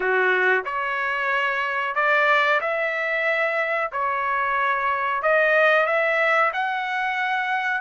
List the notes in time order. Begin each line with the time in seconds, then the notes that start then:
0.00 F#4
0.64 C#5
1.95 D5
2.61 E5
3.92 C#5
5.22 D#5
5.86 E5
6.53 F#5